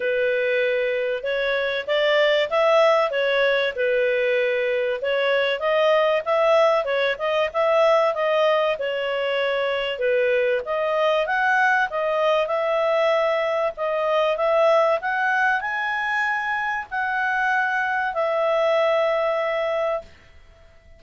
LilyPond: \new Staff \with { instrumentName = "clarinet" } { \time 4/4 \tempo 4 = 96 b'2 cis''4 d''4 | e''4 cis''4 b'2 | cis''4 dis''4 e''4 cis''8 dis''8 | e''4 dis''4 cis''2 |
b'4 dis''4 fis''4 dis''4 | e''2 dis''4 e''4 | fis''4 gis''2 fis''4~ | fis''4 e''2. | }